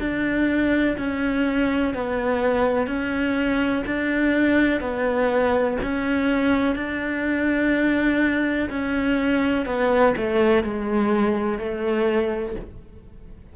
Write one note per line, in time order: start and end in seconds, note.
0.00 0.97 D4
0.97 1.94 C#4
1.94 2.87 B3
2.87 3.84 C#4
3.86 4.81 D4
4.81 5.78 B3
5.83 6.76 C#4
6.76 8.69 D4
8.70 9.66 C#4
9.66 10.14 B3
10.17 10.63 A3
10.63 11.59 G#3
11.59 12.55 A3